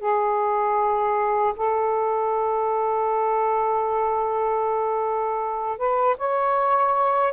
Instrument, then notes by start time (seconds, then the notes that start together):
saxophone
0.00 G#4
1.56 A4
5.78 B4
6.17 C#5